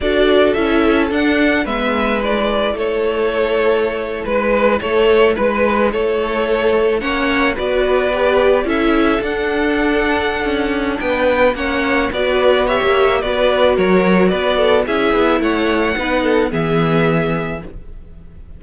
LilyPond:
<<
  \new Staff \with { instrumentName = "violin" } { \time 4/4 \tempo 4 = 109 d''4 e''4 fis''4 e''4 | d''4 cis''2~ cis''8. b'16~ | b'8. cis''4 b'4 cis''4~ cis''16~ | cis''8. fis''4 d''2 e''16~ |
e''8. fis''2.~ fis''16 | g''4 fis''4 d''4 e''4 | d''4 cis''4 d''4 e''4 | fis''2 e''2 | }
  \new Staff \with { instrumentName = "violin" } { \time 4/4 a'2. b'4~ | b'4 a'2~ a'8. b'16~ | b'8. a'4 b'4 a'4~ a'16~ | a'8. cis''4 b'2 a'16~ |
a'1 | b'4 cis''4 b'4 cis''4 | b'4 ais'4 b'8 a'8 gis'4 | cis''4 b'8 a'8 gis'2 | }
  \new Staff \with { instrumentName = "viola" } { \time 4/4 fis'4 e'4 d'4 b4 | e'1~ | e'1~ | e'8. cis'4 fis'4 g'4 e'16~ |
e'8. d'2.~ d'16~ | d'4 cis'4 fis'4 g'4 | fis'2. e'4~ | e'4 dis'4 b2 | }
  \new Staff \with { instrumentName = "cello" } { \time 4/4 d'4 cis'4 d'4 gis4~ | gis4 a2~ a8. gis16~ | gis8. a4 gis4 a4~ a16~ | a8. ais4 b2 cis'16~ |
cis'8. d'2~ d'16 cis'4 | b4 ais4 b4~ b16 ais8. | b4 fis4 b4 cis'8 b8 | a4 b4 e2 | }
>>